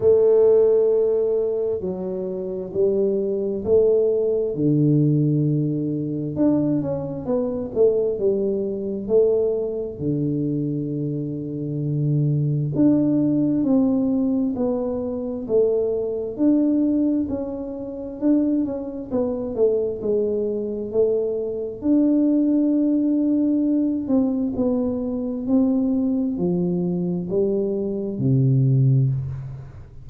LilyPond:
\new Staff \with { instrumentName = "tuba" } { \time 4/4 \tempo 4 = 66 a2 fis4 g4 | a4 d2 d'8 cis'8 | b8 a8 g4 a4 d4~ | d2 d'4 c'4 |
b4 a4 d'4 cis'4 | d'8 cis'8 b8 a8 gis4 a4 | d'2~ d'8 c'8 b4 | c'4 f4 g4 c4 | }